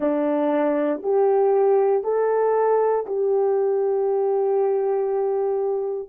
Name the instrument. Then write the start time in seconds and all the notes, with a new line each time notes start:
horn
0.00 D4
1.02 G4
2.03 A4
3.06 G4